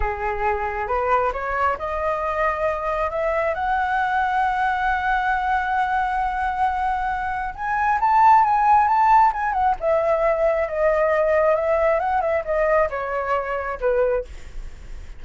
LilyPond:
\new Staff \with { instrumentName = "flute" } { \time 4/4 \tempo 4 = 135 gis'2 b'4 cis''4 | dis''2. e''4 | fis''1~ | fis''1~ |
fis''4 gis''4 a''4 gis''4 | a''4 gis''8 fis''8 e''2 | dis''2 e''4 fis''8 e''8 | dis''4 cis''2 b'4 | }